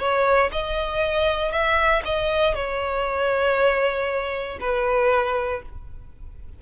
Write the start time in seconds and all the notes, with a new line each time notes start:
0.00 C#5
0.53 D#5
1.52 E5
2.05 D#5
2.56 C#5
4.61 B4